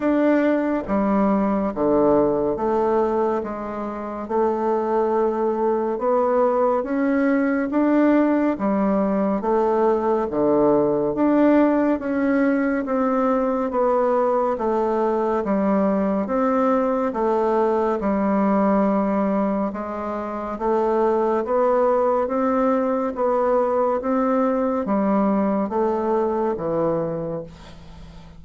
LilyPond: \new Staff \with { instrumentName = "bassoon" } { \time 4/4 \tempo 4 = 70 d'4 g4 d4 a4 | gis4 a2 b4 | cis'4 d'4 g4 a4 | d4 d'4 cis'4 c'4 |
b4 a4 g4 c'4 | a4 g2 gis4 | a4 b4 c'4 b4 | c'4 g4 a4 e4 | }